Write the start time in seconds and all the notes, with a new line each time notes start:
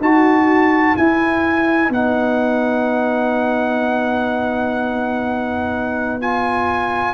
0.00 D#4 F#4 A5
0.97 E4 B4 G#5
1.90 B3 D#4 F#5
6.21 F4 G#5